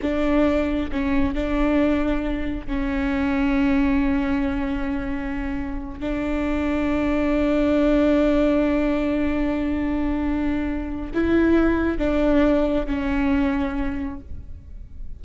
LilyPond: \new Staff \with { instrumentName = "viola" } { \time 4/4 \tempo 4 = 135 d'2 cis'4 d'4~ | d'2 cis'2~ | cis'1~ | cis'4. d'2~ d'8~ |
d'1~ | d'1~ | d'4 e'2 d'4~ | d'4 cis'2. | }